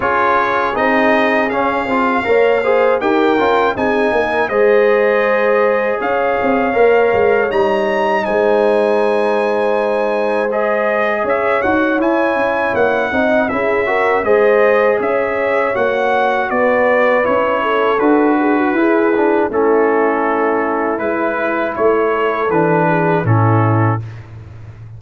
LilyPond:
<<
  \new Staff \with { instrumentName = "trumpet" } { \time 4/4 \tempo 4 = 80 cis''4 dis''4 f''2 | g''4 gis''4 dis''2 | f''2 ais''4 gis''4~ | gis''2 dis''4 e''8 fis''8 |
gis''4 fis''4 e''4 dis''4 | e''4 fis''4 d''4 cis''4 | b'2 a'2 | b'4 cis''4 b'4 a'4 | }
  \new Staff \with { instrumentName = "horn" } { \time 4/4 gis'2. cis''8 c''8 | ais'4 gis'8 ais'8 c''2 | cis''2. c''4~ | c''2. cis''4~ |
cis''4. dis''8 gis'8 ais'8 c''4 | cis''2 b'4. a'8~ | a'8 gis'16 fis'16 gis'4 e'2~ | e'4. a'4 gis'8 e'4 | }
  \new Staff \with { instrumentName = "trombone" } { \time 4/4 f'4 dis'4 cis'8 f'8 ais'8 gis'8 | g'8 f'8 dis'4 gis'2~ | gis'4 ais'4 dis'2~ | dis'2 gis'4. fis'8 |
e'4. dis'8 e'8 fis'8 gis'4~ | gis'4 fis'2 e'4 | fis'4 e'8 d'8 cis'2 | e'2 d'4 cis'4 | }
  \new Staff \with { instrumentName = "tuba" } { \time 4/4 cis'4 c'4 cis'8 c'8 ais4 | dis'8 cis'8 c'8 ais8 gis2 | cis'8 c'8 ais8 gis8 g4 gis4~ | gis2. cis'8 dis'8 |
e'8 cis'8 ais8 c'8 cis'4 gis4 | cis'4 ais4 b4 cis'4 | d'4 e'4 a2 | gis4 a4 e4 a,4 | }
>>